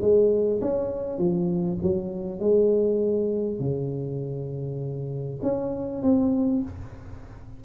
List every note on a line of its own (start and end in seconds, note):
0.00 0.60 G#3
0.61 1.18 C#4
1.18 1.78 F3
1.82 2.39 F#3
2.39 3.59 G#3
3.59 5.39 C#3
5.42 6.02 C#4
6.02 6.62 C4